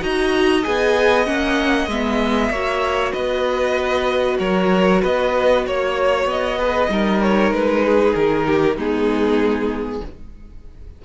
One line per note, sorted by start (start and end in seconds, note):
0.00 0.65 D#4
0.00 0.62 F#4
0.00 2.51 D#5
0.00 0.63 A#5
0.63 1.27 B3
0.63 1.25 G#4
0.63 1.26 G#5
1.25 1.87 A#3
1.25 1.87 C#4
1.25 1.88 F#5
1.87 2.49 G#3
1.87 2.54 B3
1.87 3.12 E5
2.49 3.12 A#3
2.49 6.58 F#4
2.49 3.12 C#5
3.12 4.39 B3
3.12 4.37 B4
3.12 4.37 D#5
4.39 5.01 F#3
4.39 5.01 A#4
4.39 5.01 C#5
5.01 5.66 B3
5.01 5.64 B4
5.01 5.66 D#5
5.66 6.25 A#3
5.66 6.58 C#5
5.66 6.29 C#5
6.25 6.87 B3
6.25 7.22 D#5
6.58 6.89 G#4
6.58 6.89 B4
6.88 7.51 G3
6.88 8.77 D#4
6.88 7.84 A#4
7.22 7.53 C#5
7.51 8.13 G#3
7.51 8.14 B4
7.84 8.46 G#4
8.14 8.75 D#3
8.14 8.77 A#4
8.46 8.76 G4
8.75 10.00 G#3
8.75 10.02 B3
8.75 10.01 D#4
8.75 10.04 G#4